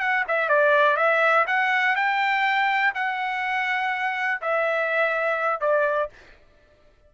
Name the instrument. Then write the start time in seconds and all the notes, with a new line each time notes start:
trumpet
0.00 F#5
0.28 E5
0.49 D5
0.96 E5
1.47 F#5
1.96 G5
2.95 F#5
4.42 E5
5.61 D5